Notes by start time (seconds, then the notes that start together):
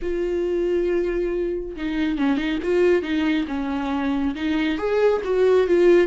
0.02 F4
1.76 D#4
2.18 C#4
2.37 D#4
2.62 F4
3.02 D#4
3.47 C#4
4.35 D#4
4.78 G#4
5.24 F#4
5.67 F4